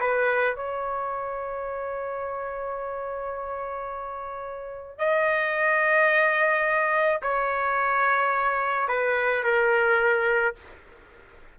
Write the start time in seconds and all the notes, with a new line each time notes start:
0.00 B4
0.56 C#5
4.98 D#5
7.22 C#5
8.88 B4
9.43 A#4